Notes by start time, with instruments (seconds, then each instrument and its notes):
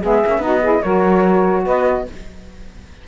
0.00 cello G#3, saxophone B3 G#4, flute E5
0.26 cello A#3, saxophone C#4
0.38 cello B3, saxophone D#4 F#4, flute D#5
0.62 saxophone E4 G#4
0.82 cello F#3, saxophone F#4 A#4, flute C#5
1.64 cello B3, saxophone B4, flute D#5